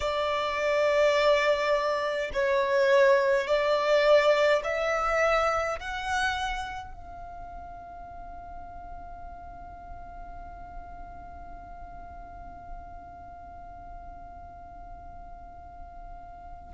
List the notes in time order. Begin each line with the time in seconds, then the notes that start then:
0.00 D5
2.33 C#5
3.47 D5
4.64 E5
5.80 F#5
6.93 F5